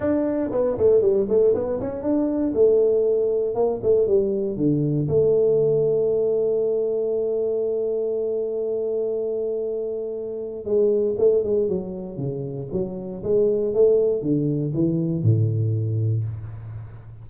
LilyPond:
\new Staff \with { instrumentName = "tuba" } { \time 4/4 \tempo 4 = 118 d'4 b8 a8 g8 a8 b8 cis'8 | d'4 a2 ais8 a8 | g4 d4 a2~ | a1~ |
a1~ | a4 gis4 a8 gis8 fis4 | cis4 fis4 gis4 a4 | d4 e4 a,2 | }